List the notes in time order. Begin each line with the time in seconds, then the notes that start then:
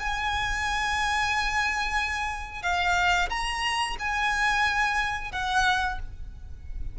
0.00 G#5
2.63 F5
3.30 A#5
4.00 G#5
5.32 F#5